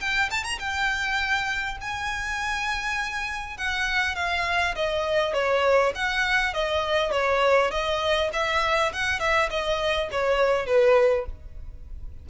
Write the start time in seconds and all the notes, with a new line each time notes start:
0.00 G5
0.31 A5
0.43 A#5
0.59 G5
1.81 G#5
3.57 F#5
4.15 F5
4.75 D#5
5.33 C#5
5.95 F#5
6.54 D#5
7.11 C#5
7.71 D#5
8.33 E5
8.93 F#5
9.19 E5
9.50 D#5
10.11 C#5
10.66 B4